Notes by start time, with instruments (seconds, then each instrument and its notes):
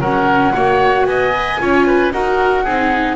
0.00 double bass F#3, viola C#4, oboe A#4, flute F#5
0.53 double bass A#3, viola F#4, oboe C#5
1.05 double bass B3, oboe D#5, flute G#5
1.33 viola B4
1.59 double bass C#4, viola F4, oboe C#5
1.87 oboe B4
2.12 double bass D#4, viola F#4, oboe A#4, flute F#5
2.64 double bass C4, viola D#4, oboe G#4